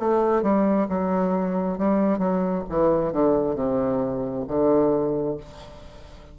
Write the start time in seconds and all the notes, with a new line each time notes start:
0.00 A3
0.43 G3
0.89 F#3
1.78 G3
2.19 F#3
2.69 E3
3.13 D3
3.56 C3
4.48 D3